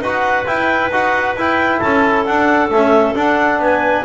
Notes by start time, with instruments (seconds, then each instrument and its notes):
0.00 double bass D#4, trombone F#4, clarinet B4 F#5
0.46 trombone E4, double bass E4, clarinet G5
0.91 double bass D#4, trombone F#4, clarinet F#5
1.35 double bass E4, trombone E4, clarinet G5
1.80 double bass C#4, clarinet A4 A5
2.25 trombone D4, double bass D4, clarinet F#5
2.69 trombone A3, double bass C#4, clarinet E5
3.15 double bass D4, trombone D4, clarinet F#5
3.59 double bass B3, clarinet B4 G#5